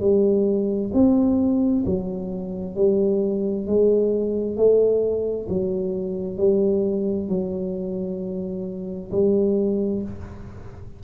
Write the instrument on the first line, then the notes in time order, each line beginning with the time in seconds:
tuba
0.00 G3
0.93 C4
1.86 F#3
2.76 G3
3.67 G#3
4.57 A3
5.49 F#3
6.38 G3
7.29 F#3
9.12 G3